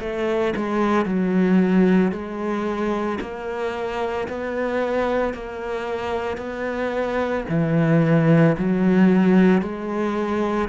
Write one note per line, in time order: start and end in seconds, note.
0.00 0.54 A3
0.56 1.05 G#3
1.05 2.11 F#3
2.11 3.19 G#3
3.20 4.28 A#3
4.28 5.34 B3
5.34 6.37 A#3
6.37 7.45 B3
7.49 8.56 E3
8.58 9.61 F#3
9.61 10.69 G#3